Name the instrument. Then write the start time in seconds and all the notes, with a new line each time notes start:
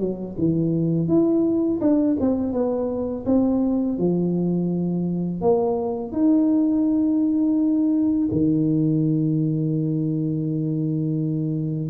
tuba
0.00 F#3
0.39 E3
1.08 E4
1.81 D4
2.21 C4
2.53 B3
3.26 C4
3.98 F3
5.42 A#3
6.12 D#4
8.32 D#3